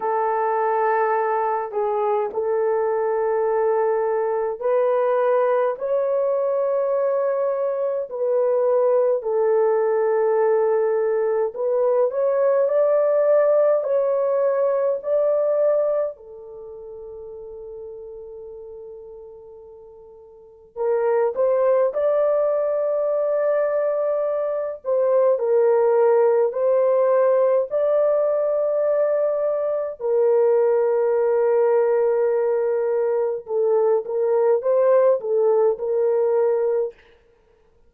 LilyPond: \new Staff \with { instrumentName = "horn" } { \time 4/4 \tempo 4 = 52 a'4. gis'8 a'2 | b'4 cis''2 b'4 | a'2 b'8 cis''8 d''4 | cis''4 d''4 a'2~ |
a'2 ais'8 c''8 d''4~ | d''4. c''8 ais'4 c''4 | d''2 ais'2~ | ais'4 a'8 ais'8 c''8 a'8 ais'4 | }